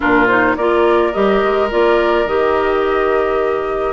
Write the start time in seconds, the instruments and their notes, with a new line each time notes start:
0.00 bassoon A#2, clarinet D4, oboe F4, flute A#4
0.27 clarinet D#4, flute C5
0.56 bassoon A#3, clarinet F4, oboe A#4, flute D5
1.12 bassoon G3, clarinet G4, flute D#5
1.43 bassoon G#3
1.70 bassoon A#3, clarinet F4, flute D5
2.25 bassoon D#3, clarinet G4, flute D#5